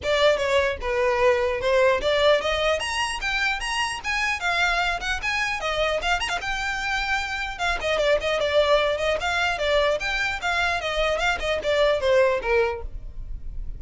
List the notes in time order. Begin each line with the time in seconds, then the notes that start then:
0.03 D5
0.37 C#5
0.81 B4
1.60 C5
2.01 D5
2.41 D#5
2.79 A#5
3.21 G5
3.59 A#5
4.03 G#5
4.40 F5
5.00 F#5
5.22 G#5
5.60 D#5
6.01 F5
6.20 A#5
6.28 F5
6.41 G5
7.58 F5
7.80 D#5
7.98 D5
8.21 D#5
8.40 D5
8.97 D#5
9.20 F5
9.58 D5
10.00 G5
10.41 F5
10.80 D#5
11.18 F5
11.39 D#5
11.63 D5
12.00 C5
12.42 A#4